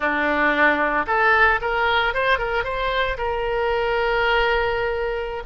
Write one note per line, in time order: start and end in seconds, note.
0.00 1.06 D4
1.06 1.60 A4
1.61 2.14 A#4
2.14 2.38 C5
2.38 2.64 A#4
2.64 3.17 C5
3.17 5.43 A#4